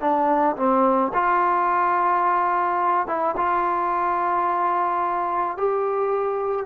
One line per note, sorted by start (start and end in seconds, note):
0.00 0.56 D4
0.56 1.12 C4
1.13 3.07 F4
3.07 3.35 E4
3.36 5.57 F4
5.57 6.66 G4